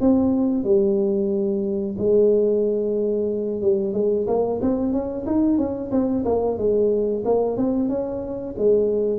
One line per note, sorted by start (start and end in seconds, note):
0.00 0.64 C4
0.64 1.95 G3
1.98 3.61 G#3
3.61 3.93 G3
3.93 4.26 G#3
4.27 4.60 A#3
4.61 4.92 C4
4.92 5.25 C#4
5.26 5.57 D#4
5.57 5.90 C#4
5.91 6.24 C4
6.25 6.58 A#3
6.58 7.23 G#3
7.25 7.57 A#3
7.57 7.89 C4
7.89 8.54 C#4
8.57 9.19 G#3